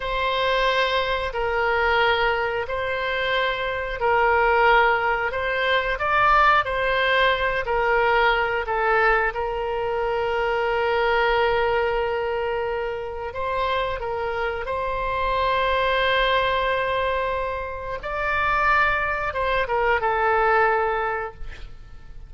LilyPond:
\new Staff \with { instrumentName = "oboe" } { \time 4/4 \tempo 4 = 90 c''2 ais'2 | c''2 ais'2 | c''4 d''4 c''4. ais'8~ | ais'4 a'4 ais'2~ |
ais'1 | c''4 ais'4 c''2~ | c''2. d''4~ | d''4 c''8 ais'8 a'2 | }